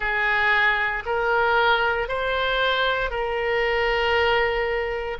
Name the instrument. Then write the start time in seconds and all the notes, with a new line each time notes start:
oboe
0.00 G#4
1.05 A#4
2.08 C5
3.10 A#4